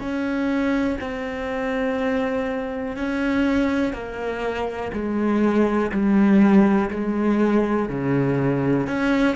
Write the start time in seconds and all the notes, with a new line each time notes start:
0.00 C#4
1.00 C4
2.96 C#4
3.93 A#3
4.93 G#3
5.92 G3
6.90 G#3
7.89 C#3
8.87 C#4